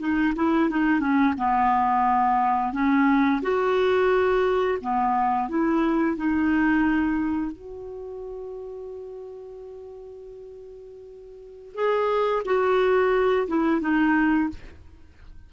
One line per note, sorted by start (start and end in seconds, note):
0.00 0.34 D#4
0.36 0.70 E4
0.70 1.01 D#4
1.01 1.35 C#4
1.38 2.73 B3
2.73 3.42 C#4
3.43 4.79 F#4
4.82 5.49 B3
5.49 6.17 E4
6.17 7.52 D#4
7.52 11.75 F#4
11.75 12.43 G#4
12.46 13.48 F#4
13.48 13.82 E4
13.82 14.50 D#4